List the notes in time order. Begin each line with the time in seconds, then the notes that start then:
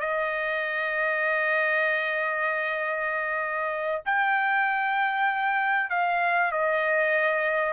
0.00 D#5
4.05 G5
5.90 F5
6.52 D#5